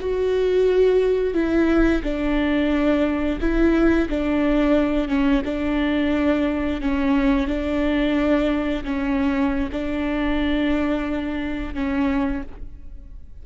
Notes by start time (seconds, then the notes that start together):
0.00 F#4
1.34 E4
2.03 D4
3.40 E4
4.09 D4
5.08 C#4
5.44 D4
6.81 C#4
7.47 D4
8.84 C#4
9.72 D4
11.74 C#4